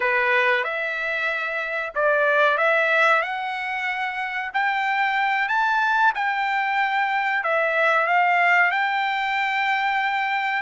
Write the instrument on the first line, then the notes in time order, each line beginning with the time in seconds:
trumpet
0.00 B4
0.63 E5
1.94 D5
2.57 E5
3.21 F#5
4.53 G5
5.48 A5
6.14 G5
7.43 E5
8.06 F5
8.71 G5